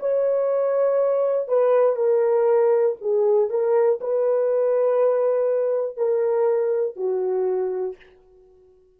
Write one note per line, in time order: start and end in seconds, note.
0.00 1.48 C#5
1.48 1.96 B4
1.96 2.96 A#4
3.01 3.50 G#4
3.50 4.00 A#4
4.01 5.97 B4
5.97 6.96 A#4
6.96 7.96 F#4